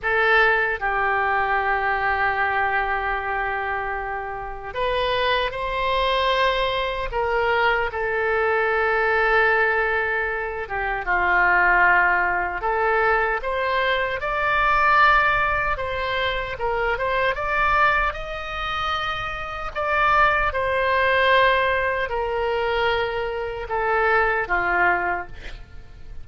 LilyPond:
\new Staff \with { instrumentName = "oboe" } { \time 4/4 \tempo 4 = 76 a'4 g'2.~ | g'2 b'4 c''4~ | c''4 ais'4 a'2~ | a'4. g'8 f'2 |
a'4 c''4 d''2 | c''4 ais'8 c''8 d''4 dis''4~ | dis''4 d''4 c''2 | ais'2 a'4 f'4 | }